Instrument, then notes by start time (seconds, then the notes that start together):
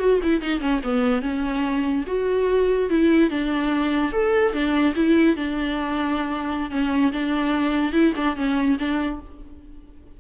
viola
0.00 F#4
0.23 E4
0.42 D#4
0.60 C#4
0.84 B3
1.22 C#4
2.07 F#4
2.90 E4
3.31 D4
4.13 A4
4.53 D4
4.96 E4
5.37 D4
6.71 C#4
7.12 D4
7.93 E4
8.16 D4
8.36 C#4
8.79 D4